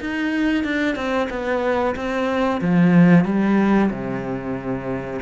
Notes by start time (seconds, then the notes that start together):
0.00 D#4
0.63 D4
0.95 C4
1.30 B3
1.95 C4
2.61 F3
3.24 G3
3.90 C3